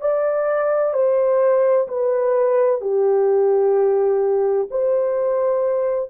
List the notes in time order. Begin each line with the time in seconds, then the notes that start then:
0.00 D5
0.93 C5
1.87 B4
2.80 G4
4.70 C5